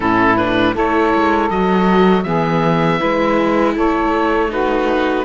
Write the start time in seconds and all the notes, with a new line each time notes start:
0.00 A2 C#4 E4 A4
0.37 D4 B4
0.74 A3 E4 A4 C#5
1.14 G#3
1.50 F#3 F#4 D#5
2.23 E3 B3 G#4 E5
2.99 G#3 E4 B4
3.75 A3 A4 C#5
4.49 D#4 F#4 B4